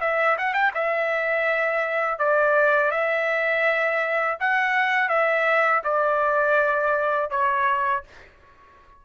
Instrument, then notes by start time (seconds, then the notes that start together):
trumpet
0.00 E5
0.38 F#5
0.53 G5
0.74 E5
2.19 D5
2.91 E5
4.40 F#5
5.09 E5
5.84 D5
7.30 C#5